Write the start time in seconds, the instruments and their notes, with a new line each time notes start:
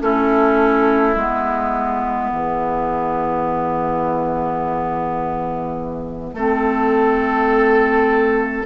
0.00 bassoon A3, clarinet C#4, oboe E4, flute A4
1.15 bassoon G#3, clarinet B3, flute E5
2.31 bassoon E3, oboe G#4
6.33 bassoon A3, clarinet C4, oboe A4